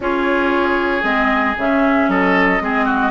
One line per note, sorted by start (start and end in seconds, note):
0.00 1.03 C#4
0.00 1.02 F4
0.00 2.10 G#4
0.00 1.03 C#5
1.02 1.55 G#3
1.02 1.54 C4
1.02 1.55 D#5
1.57 2.08 C#3
1.57 2.60 C#4
1.57 2.09 E5
2.08 2.60 F#3
2.08 2.62 A4
2.08 3.10 D#5
2.60 3.10 G#3
2.60 3.10 C4
2.60 2.85 G#4
2.85 3.10 F#4